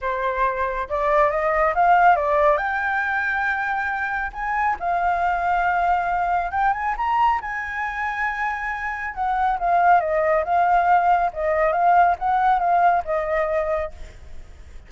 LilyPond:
\new Staff \with { instrumentName = "flute" } { \time 4/4 \tempo 4 = 138 c''2 d''4 dis''4 | f''4 d''4 g''2~ | g''2 gis''4 f''4~ | f''2. g''8 gis''8 |
ais''4 gis''2.~ | gis''4 fis''4 f''4 dis''4 | f''2 dis''4 f''4 | fis''4 f''4 dis''2 | }